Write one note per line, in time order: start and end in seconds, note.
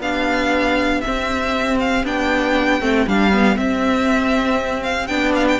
0.00 1.02 B3
0.00 1.04 D4
0.00 5.60 G4
0.00 1.01 F5
1.01 2.05 C4
1.01 2.04 C4
1.01 1.77 E5
1.79 2.05 F5
2.04 2.81 B3
2.04 2.80 D4
2.04 3.08 G5
2.80 3.06 A3
2.80 3.06 C4
3.07 3.56 G3
3.07 3.32 D4
3.07 3.57 F5
3.32 3.56 B3
3.56 5.09 C4
3.56 5.08 C4
3.56 4.83 E5
4.83 5.07 F5
5.07 5.59 B3
5.07 5.60 D4
5.07 5.32 G5
5.35 5.47 F5
5.48 5.60 G5